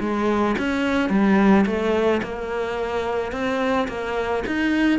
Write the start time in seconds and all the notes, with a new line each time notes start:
0.00 G#3
0.59 C#4
1.10 G3
1.66 A3
2.23 A#3
3.32 C4
3.88 A#3
4.47 D#4